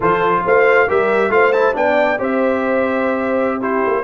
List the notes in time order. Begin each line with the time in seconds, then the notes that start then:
0.00 F3 F4 A4 C5
0.45 A3 C5 F5
0.87 G3 G4 A#4 E5
1.29 A3 F4 C5 F5
1.52 E4 A5
1.73 B3 D4 D5 G5
2.19 C4 G4 C5 E5
3.58 E4 G4 C5
3.86 A#3